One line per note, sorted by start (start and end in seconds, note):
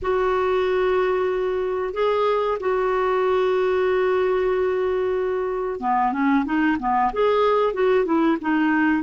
0.02 1.93 F#4
1.93 2.58 G#4
2.60 5.79 F#4
5.79 6.12 B3
6.12 6.44 C#4
6.45 6.77 D#4
6.79 7.11 B3
7.12 7.73 G#4
7.73 8.05 F#4
8.05 8.37 E4
8.41 9.03 D#4